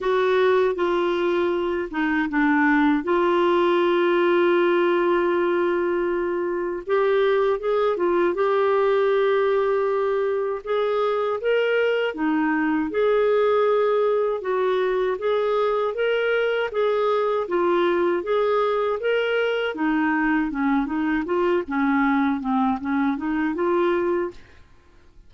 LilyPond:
\new Staff \with { instrumentName = "clarinet" } { \time 4/4 \tempo 4 = 79 fis'4 f'4. dis'8 d'4 | f'1~ | f'4 g'4 gis'8 f'8 g'4~ | g'2 gis'4 ais'4 |
dis'4 gis'2 fis'4 | gis'4 ais'4 gis'4 f'4 | gis'4 ais'4 dis'4 cis'8 dis'8 | f'8 cis'4 c'8 cis'8 dis'8 f'4 | }